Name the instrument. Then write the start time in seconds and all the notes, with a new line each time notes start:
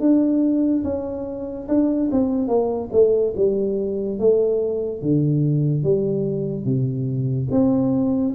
tuba
0.00 D4
0.84 C#4
1.68 D4
2.11 C4
2.48 A#3
2.92 A3
3.36 G3
4.19 A3
5.02 D3
5.83 G3
6.64 C3
7.51 C4